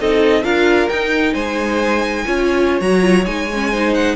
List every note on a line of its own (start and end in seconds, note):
0.00 0.43 C4
0.00 0.43 D#4
0.00 0.43 A4
0.00 0.44 D#5
0.43 0.88 D4
0.43 0.88 F4
0.43 1.33 A#4
0.43 0.88 F5
0.88 1.34 D#4
0.88 2.26 D#4
0.88 1.33 G5
1.33 2.24 G#3
1.33 2.23 C5
1.33 2.80 G#5
2.25 2.80 C#4
2.25 2.81 F4
2.25 3.71 C#5
2.80 3.25 F#3
2.80 3.00 F#4
2.80 3.25 A#5
3.00 3.23 F4
3.25 4.15 G#3
3.25 3.48 D#4
3.25 3.93 G#5
3.53 3.73 C#4
3.71 4.16 D#4
3.71 4.16 C5
3.94 4.16 F#5